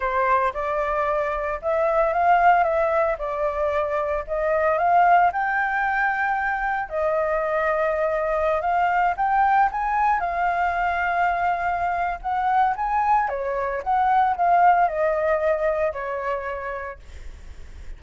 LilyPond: \new Staff \with { instrumentName = "flute" } { \time 4/4 \tempo 4 = 113 c''4 d''2 e''4 | f''4 e''4 d''2 | dis''4 f''4 g''2~ | g''4 dis''2.~ |
dis''16 f''4 g''4 gis''4 f''8.~ | f''2. fis''4 | gis''4 cis''4 fis''4 f''4 | dis''2 cis''2 | }